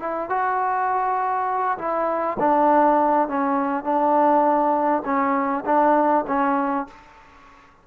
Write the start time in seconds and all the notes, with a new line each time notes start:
0.00 E4
0.30 F#4
1.78 E4
2.40 D4
3.29 C#4
3.84 D4
5.05 C#4
5.66 D4
6.28 C#4